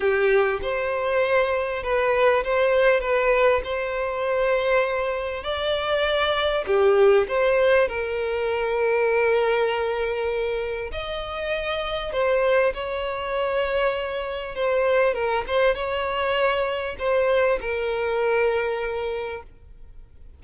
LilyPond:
\new Staff \with { instrumentName = "violin" } { \time 4/4 \tempo 4 = 99 g'4 c''2 b'4 | c''4 b'4 c''2~ | c''4 d''2 g'4 | c''4 ais'2.~ |
ais'2 dis''2 | c''4 cis''2. | c''4 ais'8 c''8 cis''2 | c''4 ais'2. | }